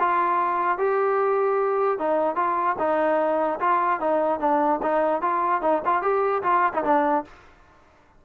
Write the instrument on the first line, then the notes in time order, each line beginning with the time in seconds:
trombone
0.00 F4
0.78 G4
1.99 D#4
2.36 F4
2.79 D#4
3.60 F4
4.00 D#4
4.40 D4
4.83 D#4
5.22 F4
5.62 D#4
5.86 F4
6.02 G4
6.43 F4
6.74 D#4
6.84 D4